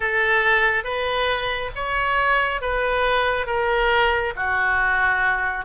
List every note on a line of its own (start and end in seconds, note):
0.00 0.83 A4
0.83 1.70 B4
1.75 2.61 C#5
2.61 3.46 B4
3.46 4.33 A#4
4.36 5.65 F#4